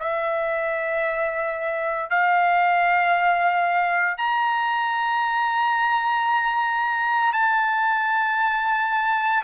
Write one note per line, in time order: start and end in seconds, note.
0.00 2.10 E5
2.10 4.17 F5
4.17 7.33 A#5
7.33 9.43 A5